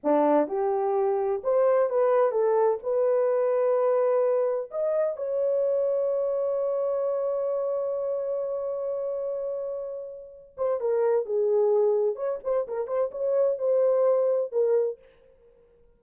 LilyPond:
\new Staff \with { instrumentName = "horn" } { \time 4/4 \tempo 4 = 128 d'4 g'2 c''4 | b'4 a'4 b'2~ | b'2 dis''4 cis''4~ | cis''1~ |
cis''1~ | cis''2~ cis''8 c''8 ais'4 | gis'2 cis''8 c''8 ais'8 c''8 | cis''4 c''2 ais'4 | }